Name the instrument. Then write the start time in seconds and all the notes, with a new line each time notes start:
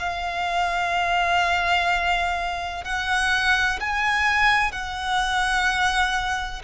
violin
0.00 F5
2.84 F#5
3.81 G#5
4.72 F#5